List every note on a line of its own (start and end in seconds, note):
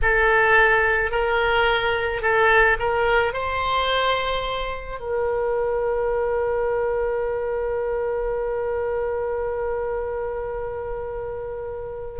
0.02 1.11 A4
1.11 2.21 A#4
2.21 2.77 A4
2.79 3.33 A#4
3.33 4.99 C5
4.99 12.19 A#4